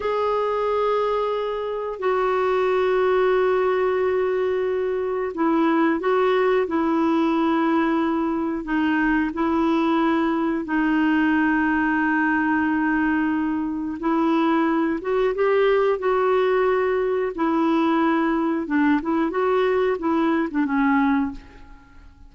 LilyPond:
\new Staff \with { instrumentName = "clarinet" } { \time 4/4 \tempo 4 = 90 gis'2. fis'4~ | fis'1 | e'4 fis'4 e'2~ | e'4 dis'4 e'2 |
dis'1~ | dis'4 e'4. fis'8 g'4 | fis'2 e'2 | d'8 e'8 fis'4 e'8. d'16 cis'4 | }